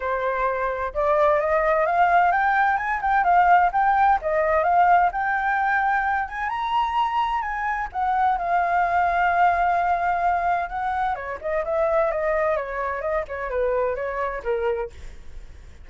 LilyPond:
\new Staff \with { instrumentName = "flute" } { \time 4/4 \tempo 4 = 129 c''2 d''4 dis''4 | f''4 g''4 gis''8 g''8 f''4 | g''4 dis''4 f''4 g''4~ | g''4. gis''8 ais''2 |
gis''4 fis''4 f''2~ | f''2. fis''4 | cis''8 dis''8 e''4 dis''4 cis''4 | dis''8 cis''8 b'4 cis''4 ais'4 | }